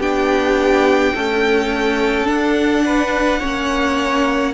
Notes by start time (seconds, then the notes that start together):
0.00 B3 D4 G4 G5
1.15 A3 C#4 A4
2.25 D4 F#5
2.86 B4
3.40 A#3 C#4 C#5